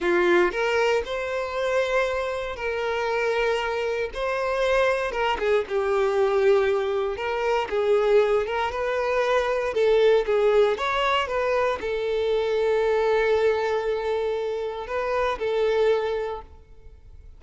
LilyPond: \new Staff \with { instrumentName = "violin" } { \time 4/4 \tempo 4 = 117 f'4 ais'4 c''2~ | c''4 ais'2. | c''2 ais'8 gis'8 g'4~ | g'2 ais'4 gis'4~ |
gis'8 ais'8 b'2 a'4 | gis'4 cis''4 b'4 a'4~ | a'1~ | a'4 b'4 a'2 | }